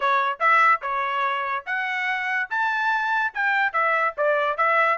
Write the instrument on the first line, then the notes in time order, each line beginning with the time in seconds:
trumpet
0.00 C#5
0.39 E5
0.81 C#5
1.66 F#5
2.49 A5
3.34 G5
3.72 E5
4.17 D5
4.57 E5